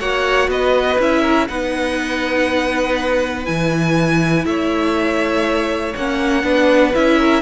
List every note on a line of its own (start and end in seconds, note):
0.00 0.48 A#3
0.00 0.99 F#4
0.00 0.50 C#5
0.00 0.50 F#5
0.48 0.97 B3
0.48 1.21 B4
0.48 1.00 D#5
0.99 1.48 C#4
0.99 1.49 E4
0.99 1.47 E5
1.21 1.46 A#4
1.47 3.48 B3
1.47 3.45 D#4
1.47 4.47 B4
1.47 3.45 F#5
3.45 4.45 E3
3.45 5.93 E4
3.45 4.45 G#5
4.45 5.94 A3
4.45 6.44 C#5
4.45 5.94 E5
5.96 6.43 A#3
5.96 6.43 C#4
5.96 6.94 F#5
6.43 6.93 B3
6.43 6.92 D4
6.43 7.18 B4
6.94 7.42 C#4
6.94 7.42 E4
6.94 7.42 E5
7.18 7.42 A#4